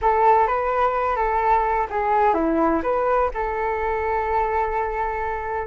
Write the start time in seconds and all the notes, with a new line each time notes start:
0.01 A4
0.47 B4
1.16 A4
1.90 G#4
2.34 E4
2.83 B4
3.33 A4